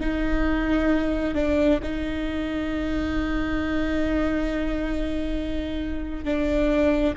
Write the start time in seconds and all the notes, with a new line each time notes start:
0.00 D#4
1.34 D4
1.82 D#4
6.25 D4